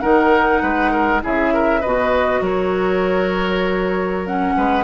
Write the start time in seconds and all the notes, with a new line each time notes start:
0.00 D#3 D#4 A#4 F#5
0.62 G#3 B4
0.92 A#4
1.21 C#3 E4 G#4 E5
1.54 A#4
1.81 B2 F#4 B4 D#5
2.41 F#3 A#4 C#5
4.26 C#4 F#5
4.57 G#3 B4